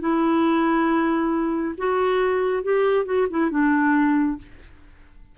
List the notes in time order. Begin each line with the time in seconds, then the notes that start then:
0.00 E4
1.78 F#4
2.63 G4
3.05 F#4
3.30 E4
3.50 D4